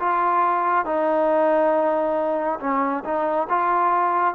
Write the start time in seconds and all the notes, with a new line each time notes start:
0.00 F4
0.85 D#4
2.60 C#4
3.05 D#4
3.49 F4